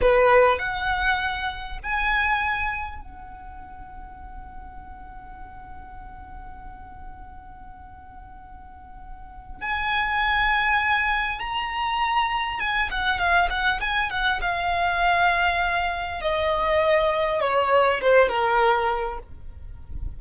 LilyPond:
\new Staff \with { instrumentName = "violin" } { \time 4/4 \tempo 4 = 100 b'4 fis''2 gis''4~ | gis''4 fis''2.~ | fis''1~ | fis''1 |
gis''2. ais''4~ | ais''4 gis''8 fis''8 f''8 fis''8 gis''8 fis''8 | f''2. dis''4~ | dis''4 cis''4 c''8 ais'4. | }